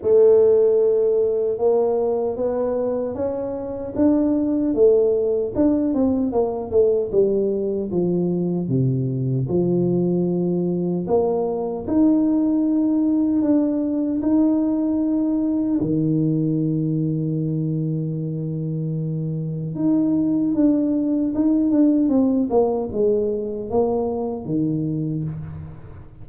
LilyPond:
\new Staff \with { instrumentName = "tuba" } { \time 4/4 \tempo 4 = 76 a2 ais4 b4 | cis'4 d'4 a4 d'8 c'8 | ais8 a8 g4 f4 c4 | f2 ais4 dis'4~ |
dis'4 d'4 dis'2 | dis1~ | dis4 dis'4 d'4 dis'8 d'8 | c'8 ais8 gis4 ais4 dis4 | }